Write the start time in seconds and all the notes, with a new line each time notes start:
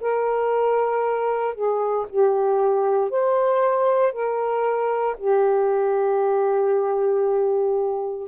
0.00 A#4
1.54 G#4
2.09 G4
3.10 C5
4.12 A#4
5.17 G4